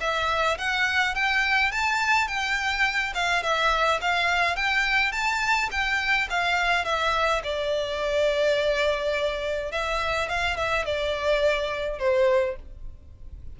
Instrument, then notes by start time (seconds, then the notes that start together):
violin
0.00 E5
0.58 F#5
1.14 G5
1.71 A5
2.27 G5
3.14 F5
3.42 E5
4.01 F5
4.56 G5
5.12 A5
5.71 G5
6.30 F5
6.85 E5
7.43 D5
9.71 E5
10.28 F5
10.57 E5
10.85 D5
11.98 C5